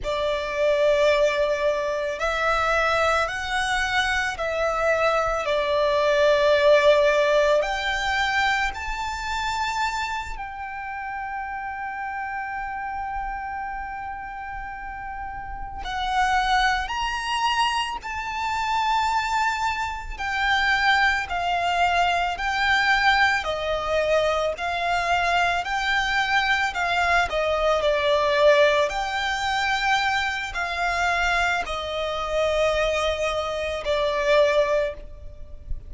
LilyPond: \new Staff \with { instrumentName = "violin" } { \time 4/4 \tempo 4 = 55 d''2 e''4 fis''4 | e''4 d''2 g''4 | a''4. g''2~ g''8~ | g''2~ g''8 fis''4 ais''8~ |
ais''8 a''2 g''4 f''8~ | f''8 g''4 dis''4 f''4 g''8~ | g''8 f''8 dis''8 d''4 g''4. | f''4 dis''2 d''4 | }